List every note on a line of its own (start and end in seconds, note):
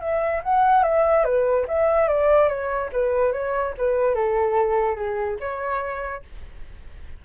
0.00 0.41 E5
0.43 0.83 F#5
0.83 1.24 E5
1.24 1.66 B4
1.68 2.08 E5
2.08 2.48 D5
2.48 2.89 C#5
2.92 3.32 B4
3.32 3.74 C#5
3.78 4.15 B4
4.15 4.95 A4
4.95 5.37 G#4
5.40 6.22 C#5